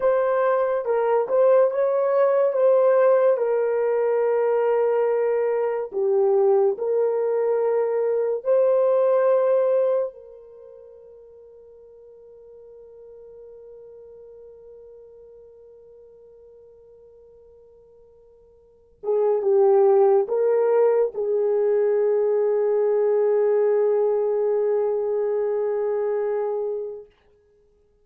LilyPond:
\new Staff \with { instrumentName = "horn" } { \time 4/4 \tempo 4 = 71 c''4 ais'8 c''8 cis''4 c''4 | ais'2. g'4 | ais'2 c''2 | ais'1~ |
ais'1~ | ais'2~ ais'8 gis'8 g'4 | ais'4 gis'2.~ | gis'1 | }